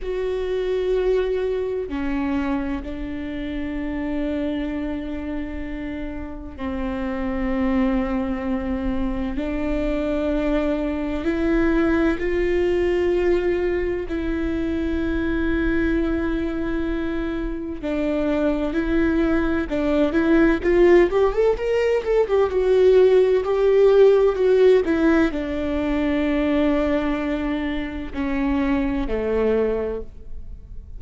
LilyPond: \new Staff \with { instrumentName = "viola" } { \time 4/4 \tempo 4 = 64 fis'2 cis'4 d'4~ | d'2. c'4~ | c'2 d'2 | e'4 f'2 e'4~ |
e'2. d'4 | e'4 d'8 e'8 f'8 g'16 a'16 ais'8 a'16 g'16 | fis'4 g'4 fis'8 e'8 d'4~ | d'2 cis'4 a4 | }